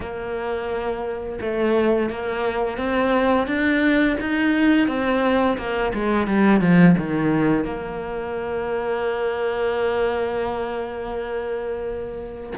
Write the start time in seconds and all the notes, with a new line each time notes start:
0.00 A#3
1.40 A3
2.09 A#3
2.77 C4
3.47 D4
4.20 D#4
4.87 C4
5.57 A#3
5.93 G#3
6.27 G3
6.61 F3
6.97 D#3
7.64 A#3